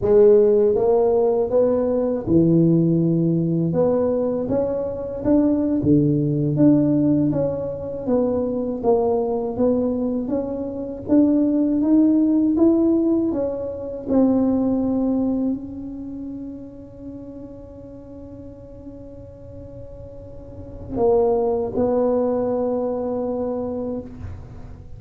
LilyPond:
\new Staff \with { instrumentName = "tuba" } { \time 4/4 \tempo 4 = 80 gis4 ais4 b4 e4~ | e4 b4 cis'4 d'8. d16~ | d8. d'4 cis'4 b4 ais16~ | ais8. b4 cis'4 d'4 dis'16~ |
dis'8. e'4 cis'4 c'4~ c'16~ | c'8. cis'2.~ cis'16~ | cis'1 | ais4 b2. | }